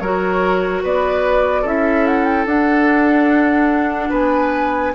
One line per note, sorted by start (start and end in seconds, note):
0.00 0.83 F#3
0.00 1.66 F#4
0.00 0.83 A#4
0.00 0.82 C#5
0.83 1.64 B3
0.83 1.62 B4
0.83 1.67 D5
1.62 2.46 C#4
1.62 2.48 E4
1.62 4.09 A4
1.62 2.07 E5
2.07 2.25 F#5
2.25 2.45 G5
2.46 4.10 D4
2.46 4.95 D4
2.46 4.12 F#5
4.10 4.94 B3
4.10 4.92 B4
4.10 4.95 G#5